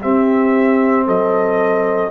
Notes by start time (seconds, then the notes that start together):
0.00 C4 G4 E5
1.05 F#3 A4 D#5